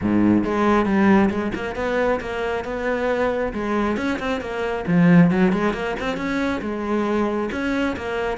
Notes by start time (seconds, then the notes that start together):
0.01 G#2
0.44 G#3
0.85 G3
1.30 G#3
1.54 A#3
1.75 B3
2.20 A#3
2.64 B3
3.53 G#3
3.96 C#4
4.19 C4
4.40 A#3
4.87 F3
5.30 F#3
5.52 G#3
5.73 A#3
5.99 C4
6.16 C#4
6.61 G#3
7.51 C#4
7.96 A#3